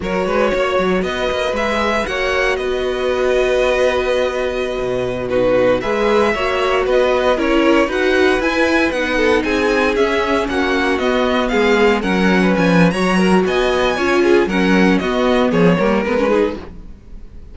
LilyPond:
<<
  \new Staff \with { instrumentName = "violin" } { \time 4/4 \tempo 4 = 116 cis''2 dis''4 e''4 | fis''4 dis''2.~ | dis''2~ dis''16 b'4 e''8.~ | e''4~ e''16 dis''4 cis''4 fis''8.~ |
fis''16 gis''4 fis''4 gis''4 e''8.~ | e''16 fis''4 dis''4 f''4 fis''8.~ | fis''16 gis''8. ais''4 gis''2 | fis''4 dis''4 cis''4 b'4 | }
  \new Staff \with { instrumentName = "violin" } { \time 4/4 ais'8 b'8 cis''4 b'2 | cis''4 b'2.~ | b'2~ b'16 fis'4 b'8.~ | b'16 cis''4 b'4 ais'4 b'8.~ |
b'4.~ b'16 a'8 gis'4.~ gis'16~ | gis'16 fis'2 gis'4 ais'8. | b'4 cis''8 ais'8 dis''4 cis''8 gis'8 | ais'4 fis'4 gis'8 ais'4 gis'8 | }
  \new Staff \with { instrumentName = "viola" } { \time 4/4 fis'2. gis'4 | fis'1~ | fis'2~ fis'16 dis'4 gis'8.~ | gis'16 fis'2 e'4 fis'8.~ |
fis'16 e'4 dis'2 cis'8.~ | cis'4~ cis'16 b2 cis'8.~ | cis'4 fis'2 f'4 | cis'4 b4. ais8 b16 cis'16 dis'8 | }
  \new Staff \with { instrumentName = "cello" } { \time 4/4 fis8 gis8 ais8 fis8 b8 ais8 gis4 | ais4 b2.~ | b4~ b16 b,2 gis8.~ | gis16 ais4 b4 cis'4 dis'8.~ |
dis'16 e'4 b4 c'4 cis'8.~ | cis'16 ais4 b4 gis4 fis8.~ | fis16 f8. fis4 b4 cis'4 | fis4 b4 f8 g8 gis4 | }
>>